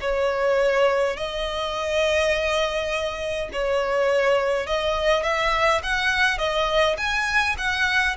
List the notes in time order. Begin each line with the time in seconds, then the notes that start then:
0.00 C#5
1.16 D#5
3.52 C#5
4.66 D#5
5.22 E5
5.83 F#5
6.38 D#5
6.97 G#5
7.58 F#5